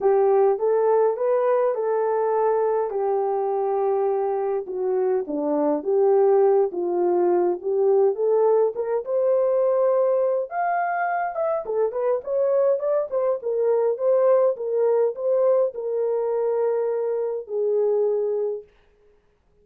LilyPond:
\new Staff \with { instrumentName = "horn" } { \time 4/4 \tempo 4 = 103 g'4 a'4 b'4 a'4~ | a'4 g'2. | fis'4 d'4 g'4. f'8~ | f'4 g'4 a'4 ais'8 c''8~ |
c''2 f''4. e''8 | a'8 b'8 cis''4 d''8 c''8 ais'4 | c''4 ais'4 c''4 ais'4~ | ais'2 gis'2 | }